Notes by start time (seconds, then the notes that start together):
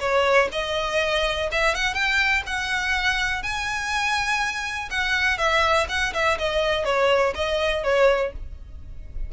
0.00 C#5
0.52 D#5
1.51 E5
1.75 F#5
1.94 G5
2.46 F#5
3.43 G#5
4.90 F#5
5.38 E5
5.89 F#5
6.14 E5
6.38 D#5
6.85 C#5
7.35 D#5
7.84 C#5